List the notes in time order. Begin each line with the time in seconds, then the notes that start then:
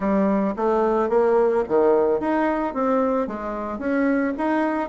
0.00 G3
0.56 A3
1.09 A#3
1.68 D#3
2.20 D#4
2.73 C4
3.27 G#3
3.78 C#4
4.37 D#4